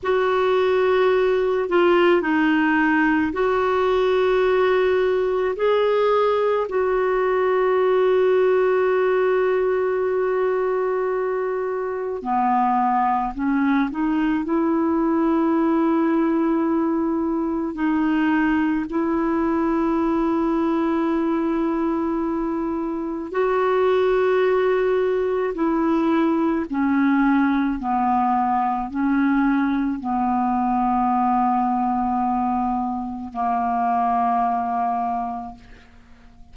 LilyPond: \new Staff \with { instrumentName = "clarinet" } { \time 4/4 \tempo 4 = 54 fis'4. f'8 dis'4 fis'4~ | fis'4 gis'4 fis'2~ | fis'2. b4 | cis'8 dis'8 e'2. |
dis'4 e'2.~ | e'4 fis'2 e'4 | cis'4 b4 cis'4 b4~ | b2 ais2 | }